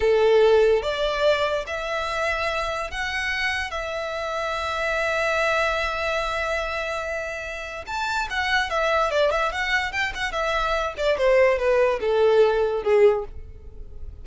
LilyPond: \new Staff \with { instrumentName = "violin" } { \time 4/4 \tempo 4 = 145 a'2 d''2 | e''2. fis''4~ | fis''4 e''2.~ | e''1~ |
e''2. a''4 | fis''4 e''4 d''8 e''8 fis''4 | g''8 fis''8 e''4. d''8 c''4 | b'4 a'2 gis'4 | }